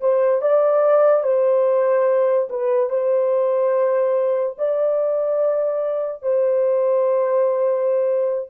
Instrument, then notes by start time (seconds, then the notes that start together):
horn
0.00 C5
0.41 D5
1.23 C5
2.49 B4
2.89 C5
4.58 D5
6.22 C5